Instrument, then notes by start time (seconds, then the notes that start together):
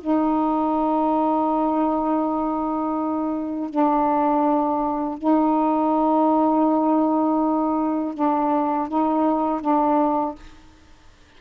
saxophone
0.00 D#4
3.69 D4
5.18 D#4
8.14 D4
8.88 D#4
9.61 D4